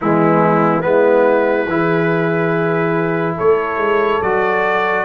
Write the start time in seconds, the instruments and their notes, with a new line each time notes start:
0.01 tuba E3, trombone G#3, horn B3, trumpet E4
0.81 tuba G#3, trombone B3, horn E4, trumpet B4
1.67 tuba E3, trombone E4, horn G#4
3.36 tuba A3, horn A4, trumpet C#5
3.77 tuba G#3
4.21 tuba F#3, trombone F#4, trumpet D5